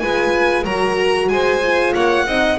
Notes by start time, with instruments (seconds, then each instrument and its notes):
0.00 double bass G#3, horn F4, violin B4 G#5
0.64 double bass F#3, horn F#4, violin A#4 A#5
1.29 double bass G#3, violin C5 G#5
1.63 horn F4
1.94 double bass A#3, violin C#5 F#5
2.27 double bass C4, horn D#4, violin D#5